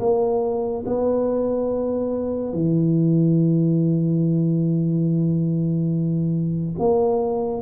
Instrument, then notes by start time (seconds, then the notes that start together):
tuba
0.00 A#3
0.86 B3
2.53 E3
6.79 A#3